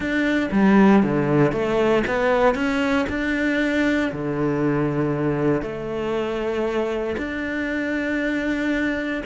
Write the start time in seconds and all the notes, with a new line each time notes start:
0.00 D4
0.51 G3
1.02 D3
1.52 A3
2.07 B3
2.55 C#4
3.09 D4
4.12 D3
5.62 A3
7.17 D4